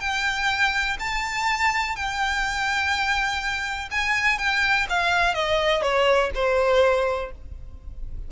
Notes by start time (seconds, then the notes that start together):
0.00 G5
0.99 A5
1.95 G5
3.91 G#5
4.38 G5
4.89 F5
5.34 D#5
5.82 C#5
6.34 C5